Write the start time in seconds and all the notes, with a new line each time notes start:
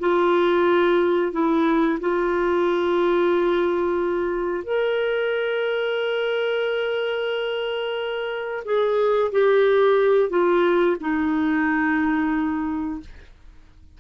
0.00 F4
1.33 E4
2.01 F4
4.64 A#4
8.65 G#4
9.32 G4
10.30 F4
11.01 D#4